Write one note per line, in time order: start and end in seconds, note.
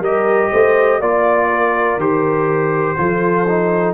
0.00 0.49 G3
0.00 1.01 G4
0.00 0.50 A#4
0.00 1.01 D#5
0.51 1.01 A3
0.51 1.00 C5
1.00 1.97 A#3
1.00 2.00 F4
1.00 1.49 D5
1.00 2.00 D5
1.50 2.98 A#4
1.97 2.95 D#3
1.97 2.97 G4
1.97 3.94 C5
2.97 3.94 F3
2.97 3.46 F4
2.97 3.94 A4
3.48 3.94 D#4